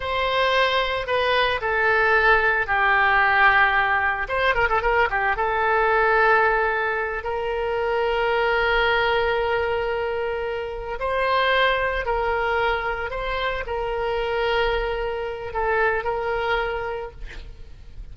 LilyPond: \new Staff \with { instrumentName = "oboe" } { \time 4/4 \tempo 4 = 112 c''2 b'4 a'4~ | a'4 g'2. | c''8 ais'16 a'16 ais'8 g'8 a'2~ | a'4. ais'2~ ais'8~ |
ais'1~ | ais'8 c''2 ais'4.~ | ais'8 c''4 ais'2~ ais'8~ | ais'4 a'4 ais'2 | }